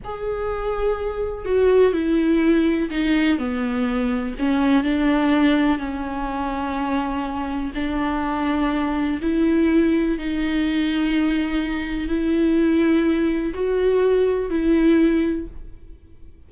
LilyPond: \new Staff \with { instrumentName = "viola" } { \time 4/4 \tempo 4 = 124 gis'2. fis'4 | e'2 dis'4 b4~ | b4 cis'4 d'2 | cis'1 |
d'2. e'4~ | e'4 dis'2.~ | dis'4 e'2. | fis'2 e'2 | }